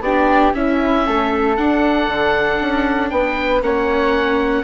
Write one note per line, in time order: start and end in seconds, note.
0.00 0.51 B3
0.00 0.53 D4
0.00 0.54 G4
0.00 0.53 D5
0.53 1.56 C#4
0.53 1.06 C#4
0.53 1.06 E4
0.53 1.56 E5
1.06 1.58 A3
1.06 3.11 A4
1.57 3.62 D4
1.57 2.08 D4
1.57 3.10 F#5
2.08 2.59 D3
2.60 3.11 C#4
3.10 3.62 B3
3.10 3.63 B4
3.10 3.61 G5
3.62 4.63 A#3
3.62 4.63 C#4
3.62 4.63 C#5
3.62 4.63 F#5